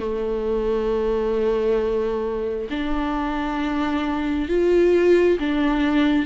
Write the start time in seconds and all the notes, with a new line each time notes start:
0.00 A3
2.71 D4
4.49 F4
5.40 D4